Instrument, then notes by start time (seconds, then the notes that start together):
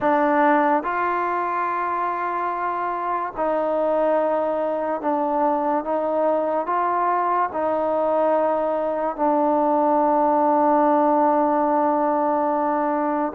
trombone
0.00 D4
0.83 F4
3.36 D#4
5.01 D4
5.84 D#4
6.66 F4
7.52 D#4
9.16 D4